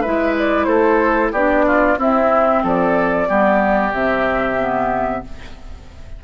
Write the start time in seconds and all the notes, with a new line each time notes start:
0.00 G#3 E4 B4 E5
0.38 D5
0.64 A3 A4 C5
1.32 B3 D4 G4 D5
1.66 F4
1.97 C4 E4 E5
2.62 F3 A4 D5
3.27 G3 B3 G4
3.92 C3 C4 E5
4.58 B3